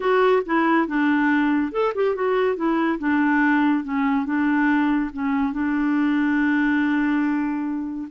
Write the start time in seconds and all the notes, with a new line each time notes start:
0.00 F#4
0.45 E4
0.87 D4
1.72 A4
1.95 G4
2.15 F#4
2.56 E4
2.98 D4
3.83 C#4
4.25 D4
5.13 C#4
5.52 D4